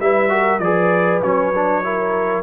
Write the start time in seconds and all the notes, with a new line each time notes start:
0.00 G3 E4 B4 E5
0.29 F#4 A#4
0.59 F3 G#4 B4 D5
1.21 F#3 C#4 C#5
1.54 D4
1.83 E4 A#4